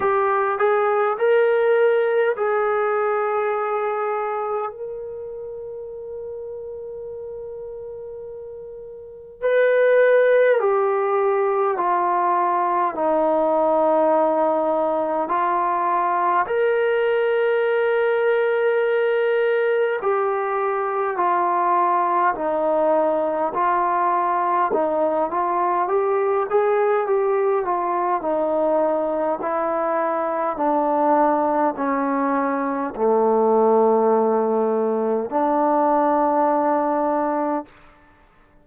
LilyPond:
\new Staff \with { instrumentName = "trombone" } { \time 4/4 \tempo 4 = 51 g'8 gis'8 ais'4 gis'2 | ais'1 | b'4 g'4 f'4 dis'4~ | dis'4 f'4 ais'2~ |
ais'4 g'4 f'4 dis'4 | f'4 dis'8 f'8 g'8 gis'8 g'8 f'8 | dis'4 e'4 d'4 cis'4 | a2 d'2 | }